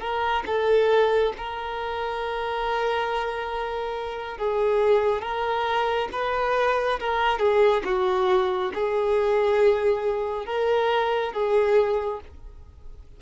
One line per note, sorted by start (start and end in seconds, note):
0.00 0.43 A#4
0.46 1.33 A4
1.37 4.38 A#4
4.38 5.21 G#4
5.21 6.08 A#4
6.12 6.99 B4
7.00 7.39 A#4
7.39 7.82 G#4
7.85 8.72 F#4
8.74 10.46 G#4
10.46 11.33 A#4
11.33 12.20 G#4